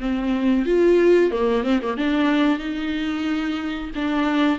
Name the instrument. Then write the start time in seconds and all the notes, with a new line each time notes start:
viola
0.00 C4
0.66 F4
1.32 A#3
1.64 C4
1.82 A#3
1.98 D4
2.59 D#4
3.95 D4